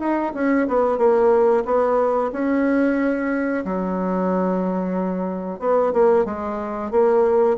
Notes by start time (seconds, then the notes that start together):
0.00 D#4
0.35 C#4
0.68 B3
0.98 A#3
1.65 B3
2.33 C#4
3.65 F#3
5.60 B3
5.93 A#3
6.26 G#3
6.91 A#3